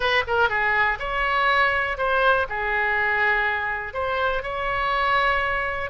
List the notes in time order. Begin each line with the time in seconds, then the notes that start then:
0.00 B4
0.27 A#4
0.49 G#4
0.99 C#5
1.97 C5
2.49 G#4
3.93 C5
4.42 C#5